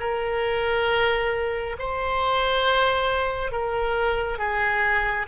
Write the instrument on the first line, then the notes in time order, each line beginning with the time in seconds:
oboe
0.00 A#4
1.79 C5
3.52 A#4
4.38 G#4